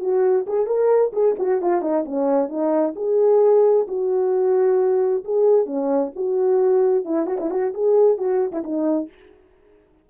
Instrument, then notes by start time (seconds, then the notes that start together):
horn
0.00 F#4
0.47 G#4
0.67 A#4
1.13 G#4
1.39 F#4
1.62 F4
1.82 D#4
2.05 C#4
2.49 D#4
2.96 G#4
3.87 F#4
5.24 G#4
5.66 C#4
6.15 F#4
7.05 E4
7.26 F#4
7.40 E4
7.50 F#4
7.74 G#4
8.18 F#4
8.52 E4
8.63 D#4